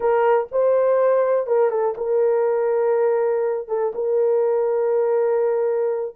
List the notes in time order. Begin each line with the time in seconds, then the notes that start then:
0.00 A#4
0.51 C5
1.46 A#4
1.70 A4
1.97 A#4
3.68 A4
3.95 A#4